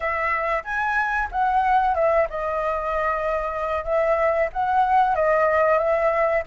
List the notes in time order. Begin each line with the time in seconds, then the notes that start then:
0.00 E5
0.64 G#5
1.31 F#5
1.94 E5
2.29 D#5
3.84 E5
4.52 F#5
5.15 D#5
5.78 E5